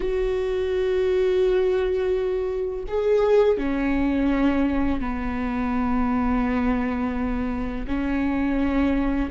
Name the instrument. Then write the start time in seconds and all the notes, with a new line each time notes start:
viola
0.00 F#4
2.87 G#4
3.57 C#4
5.00 B3
7.87 C#4